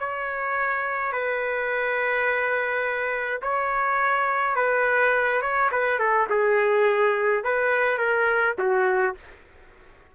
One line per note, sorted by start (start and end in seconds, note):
0.00 1.13 C#5
1.13 3.42 B4
3.43 4.56 C#5
4.56 5.42 B4
5.42 5.71 C#5
5.72 5.99 B4
5.99 6.28 A4
6.30 7.44 G#4
7.44 7.98 B4
7.98 8.56 A#4
8.59 9.16 F#4